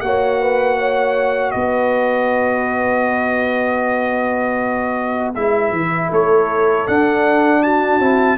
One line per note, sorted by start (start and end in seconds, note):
0.00 1.54 A#3
0.00 5.35 F#4
0.00 0.41 C#5
0.00 1.51 F#5
0.41 0.78 B4
0.78 1.54 C#5
1.51 5.35 B3
1.51 6.10 B4
1.51 5.31 D#5
5.35 5.71 G#3
5.35 6.87 E4
5.35 6.11 E5
5.71 6.09 E3
6.10 6.87 A3
6.10 7.62 A4
6.10 6.87 C#5
6.87 8.00 D4
6.87 7.62 F#5
7.62 8.37 F#4
7.62 8.37 A5
8.00 8.37 C4
8.00 8.37 E4